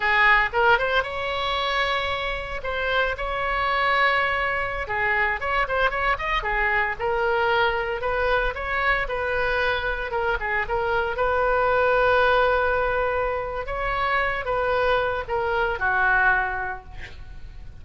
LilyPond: \new Staff \with { instrumentName = "oboe" } { \time 4/4 \tempo 4 = 114 gis'4 ais'8 c''8 cis''2~ | cis''4 c''4 cis''2~ | cis''4~ cis''16 gis'4 cis''8 c''8 cis''8 dis''16~ | dis''16 gis'4 ais'2 b'8.~ |
b'16 cis''4 b'2 ais'8 gis'16~ | gis'16 ais'4 b'2~ b'8.~ | b'2 cis''4. b'8~ | b'4 ais'4 fis'2 | }